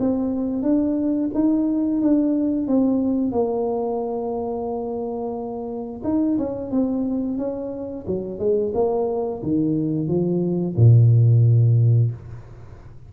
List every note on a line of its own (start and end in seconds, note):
0.00 0.63 C4
0.63 1.30 D4
1.34 2.02 D#4
2.02 2.67 D4
2.67 3.32 C4
3.32 6.02 A#3
6.04 6.38 D#4
6.38 6.71 C#4
6.71 7.38 C4
7.38 8.05 C#4
8.07 8.39 F#3
8.39 8.73 G#3
8.74 9.42 A#3
9.43 10.08 D#3
10.08 10.75 F3
10.76 12.11 A#2